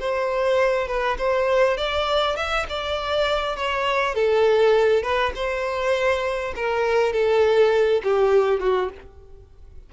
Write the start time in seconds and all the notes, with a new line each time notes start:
0.00 C5
0.88 B4
1.18 C5
1.77 D5
2.37 E5
2.69 D5
3.57 C#5
4.15 A4
5.03 B4
5.35 C5
6.56 A#4
7.13 A4
8.04 G4
8.60 F#4